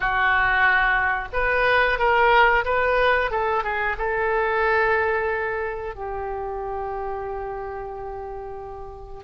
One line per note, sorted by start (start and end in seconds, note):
0.00 1.28 F#4
1.32 1.98 B4
1.98 2.64 A#4
2.65 3.31 B4
3.31 3.63 A4
3.63 3.96 G#4
3.97 5.95 A4
5.95 9.23 G4